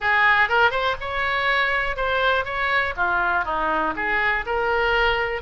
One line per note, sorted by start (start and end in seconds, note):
0.00 0.49 G#4
0.49 0.71 A#4
0.71 0.95 C5
1.00 1.96 C#5
1.96 2.45 C5
2.45 2.94 C#5
2.96 3.44 F4
3.44 3.93 D#4
3.96 4.45 G#4
4.46 5.41 A#4